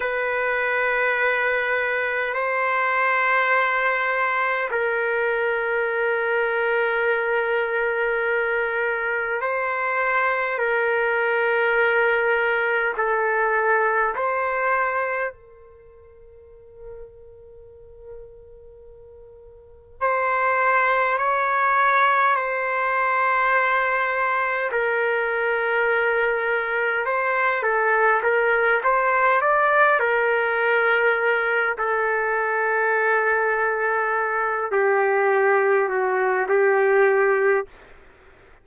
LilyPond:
\new Staff \with { instrumentName = "trumpet" } { \time 4/4 \tempo 4 = 51 b'2 c''2 | ais'1 | c''4 ais'2 a'4 | c''4 ais'2.~ |
ais'4 c''4 cis''4 c''4~ | c''4 ais'2 c''8 a'8 | ais'8 c''8 d''8 ais'4. a'4~ | a'4. g'4 fis'8 g'4 | }